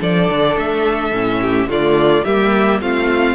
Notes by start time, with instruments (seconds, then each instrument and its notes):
0.00 cello F3, viola D4, violin A4 D5
0.29 cello D3
0.56 cello A3, violin E5
1.12 cello A2, viola C#4
1.41 violin G4
1.66 cello D3, viola A3, violin F4 D5
2.24 cello G3, viola A#3, violin G4 E5
2.81 cello A3, viola C4, violin F4 F5